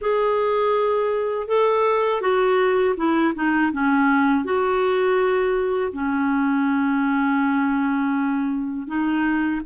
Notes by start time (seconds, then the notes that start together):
0.01 G#4
1.47 A4
2.21 F#4
2.96 E4
3.34 D#4
3.72 C#4
4.44 F#4
5.92 C#4
8.87 D#4